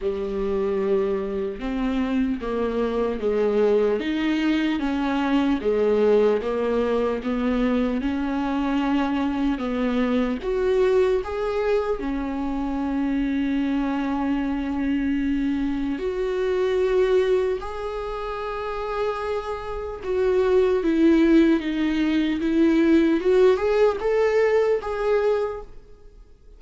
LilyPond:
\new Staff \with { instrumentName = "viola" } { \time 4/4 \tempo 4 = 75 g2 c'4 ais4 | gis4 dis'4 cis'4 gis4 | ais4 b4 cis'2 | b4 fis'4 gis'4 cis'4~ |
cis'1 | fis'2 gis'2~ | gis'4 fis'4 e'4 dis'4 | e'4 fis'8 gis'8 a'4 gis'4 | }